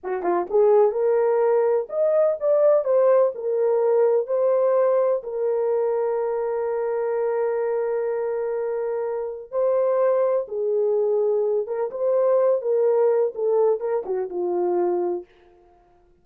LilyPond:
\new Staff \with { instrumentName = "horn" } { \time 4/4 \tempo 4 = 126 fis'8 f'8 gis'4 ais'2 | dis''4 d''4 c''4 ais'4~ | ais'4 c''2 ais'4~ | ais'1~ |
ais'1 | c''2 gis'2~ | gis'8 ais'8 c''4. ais'4. | a'4 ais'8 fis'8 f'2 | }